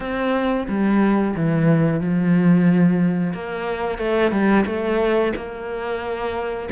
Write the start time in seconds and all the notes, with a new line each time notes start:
0.00 C4
0.68 G3
1.36 E3
2.00 F3
3.33 A#3
3.98 A3
4.31 G3
4.66 A3
5.35 A#3